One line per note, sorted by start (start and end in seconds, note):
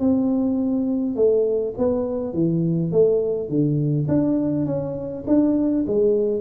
0.00 1.16 C4
1.16 1.74 A3
1.78 2.34 B3
2.34 2.92 E3
2.92 3.49 A3
3.49 4.08 D3
4.09 4.66 D4
4.66 5.25 C#4
5.27 5.85 D4
5.87 6.41 G#3